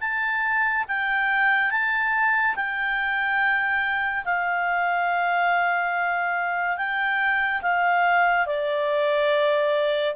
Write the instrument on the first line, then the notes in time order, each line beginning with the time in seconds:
clarinet
0.00 A5
0.88 G5
1.70 A5
2.55 G5
4.24 F5
6.77 G5
7.62 F5
8.46 D5